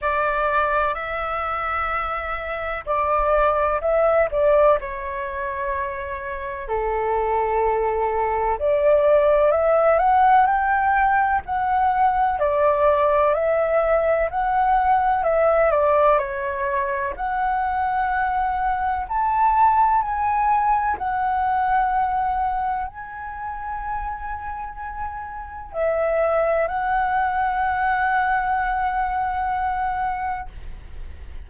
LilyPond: \new Staff \with { instrumentName = "flute" } { \time 4/4 \tempo 4 = 63 d''4 e''2 d''4 | e''8 d''8 cis''2 a'4~ | a'4 d''4 e''8 fis''8 g''4 | fis''4 d''4 e''4 fis''4 |
e''8 d''8 cis''4 fis''2 | a''4 gis''4 fis''2 | gis''2. e''4 | fis''1 | }